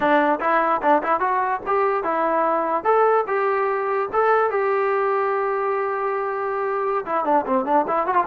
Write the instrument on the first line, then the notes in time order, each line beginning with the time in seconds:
trombone
0.00 D4
0.40 E4
0.82 D4
1.02 E4
1.19 F#4
1.66 G4
2.03 E4
2.84 A4
3.27 G4
4.13 A4
4.50 G4
7.05 E4
7.24 D4
7.46 C4
7.65 D4
7.87 E4
8.06 F#4
8.14 F4